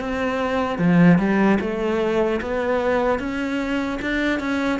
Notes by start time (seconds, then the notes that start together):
0.00 C4
0.79 F3
1.19 G3
1.60 A3
2.41 B3
3.19 C#4
4.02 D4
4.40 C#4